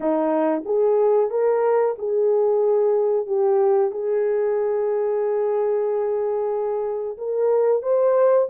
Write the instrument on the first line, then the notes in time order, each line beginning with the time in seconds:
horn
0.00 D#4
0.65 G#4
1.30 A#4
1.98 G#4
3.26 G4
3.91 G#4
7.17 A#4
7.82 C5